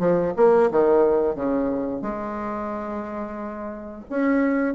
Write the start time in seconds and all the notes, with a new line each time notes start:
0.00 F3
0.37 A#3
0.71 D#3
1.36 C#3
2.02 G#3
4.10 C#4